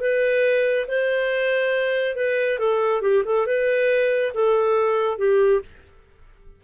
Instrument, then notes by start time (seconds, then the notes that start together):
clarinet
0.00 B4
0.88 C5
2.16 B4
2.59 A4
3.02 G4
3.25 A4
3.46 B4
4.34 A4
5.18 G4